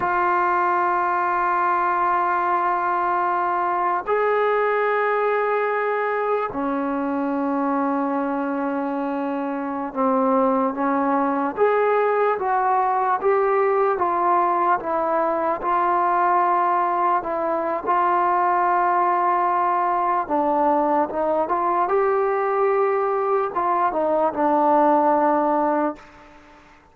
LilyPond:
\new Staff \with { instrumentName = "trombone" } { \time 4/4 \tempo 4 = 74 f'1~ | f'4 gis'2. | cis'1~ | cis'16 c'4 cis'4 gis'4 fis'8.~ |
fis'16 g'4 f'4 e'4 f'8.~ | f'4~ f'16 e'8. f'2~ | f'4 d'4 dis'8 f'8 g'4~ | g'4 f'8 dis'8 d'2 | }